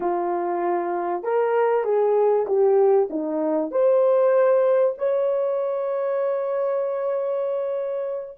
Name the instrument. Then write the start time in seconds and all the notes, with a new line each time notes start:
horn
0.00 F4
1.23 A#4
1.84 G#4
2.47 G4
3.10 D#4
3.71 C5
4.98 C#5